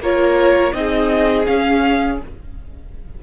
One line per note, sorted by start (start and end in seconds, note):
0.00 0.72 A#3
0.00 0.73 F4
0.00 0.74 A#4
0.00 0.73 C#5
0.73 1.46 C4
0.73 1.45 D#4
0.73 2.23 G#4
0.73 1.46 D#5
1.45 2.17 C#4
1.45 2.21 C#4
1.45 2.19 F5